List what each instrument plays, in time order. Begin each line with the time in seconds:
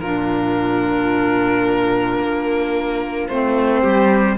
0.00 cello A#2, clarinet D4, trumpet F4, violin A#4
2.19 cello A#3
3.28 cello A3, clarinet C4, violin C5
3.82 cello G3, trumpet G4